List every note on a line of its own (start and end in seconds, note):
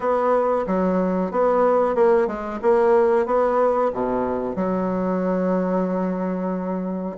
0.00 0.65 B3
0.66 1.31 F#3
1.31 1.95 B3
1.95 2.27 A#3
2.27 2.59 G#3
2.62 3.25 A#3
3.25 3.91 B3
3.93 4.55 B2
4.55 7.16 F#3